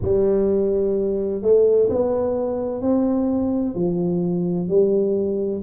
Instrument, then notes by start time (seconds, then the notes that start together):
tuba
0.01 G3
1.41 A3
1.89 B3
2.81 C4
3.74 F3
4.68 G3